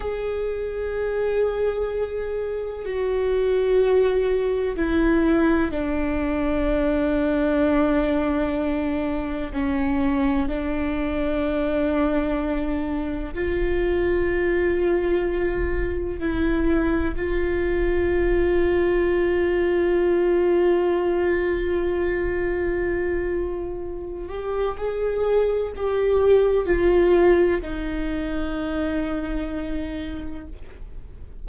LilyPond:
\new Staff \with { instrumentName = "viola" } { \time 4/4 \tempo 4 = 63 gis'2. fis'4~ | fis'4 e'4 d'2~ | d'2 cis'4 d'4~ | d'2 f'2~ |
f'4 e'4 f'2~ | f'1~ | f'4. g'8 gis'4 g'4 | f'4 dis'2. | }